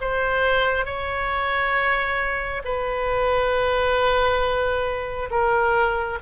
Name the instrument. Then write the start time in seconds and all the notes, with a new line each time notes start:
oboe
0.00 C5
0.85 C#5
2.64 B4
5.30 A#4